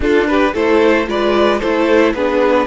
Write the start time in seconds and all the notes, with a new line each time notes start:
0.00 D4 F4 A4
0.27 G4 B4
0.53 A3 E4 A4 C5
1.06 G#3 F4 B4 D5
1.59 A3 E4 A4 C5
2.13 B3 D4 G#4 B4